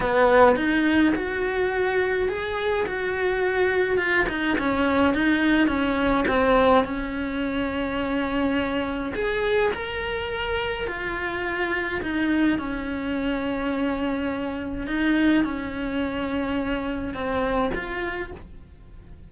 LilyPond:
\new Staff \with { instrumentName = "cello" } { \time 4/4 \tempo 4 = 105 b4 dis'4 fis'2 | gis'4 fis'2 f'8 dis'8 | cis'4 dis'4 cis'4 c'4 | cis'1 |
gis'4 ais'2 f'4~ | f'4 dis'4 cis'2~ | cis'2 dis'4 cis'4~ | cis'2 c'4 f'4 | }